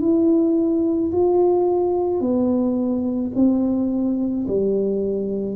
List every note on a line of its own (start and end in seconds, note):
0.00 1.11 E4
1.12 2.20 F4
2.20 3.31 B3
3.35 4.46 C4
4.47 5.55 G3